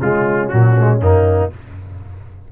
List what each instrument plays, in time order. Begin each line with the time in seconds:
0.00 tuba C#3, trombone G#3, horn C#4, trumpet F4
0.48 tuba A#2, trombone F#3, trumpet F#4
0.77 trombone G#3
1.01 tuba F#2, trombone A#3, trumpet D#4